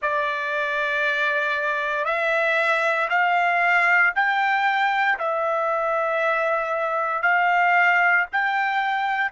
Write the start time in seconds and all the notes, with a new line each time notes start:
0.02 D5
2.05 E5
3.09 F5
4.15 G5
5.18 E5
7.22 F5
8.32 G5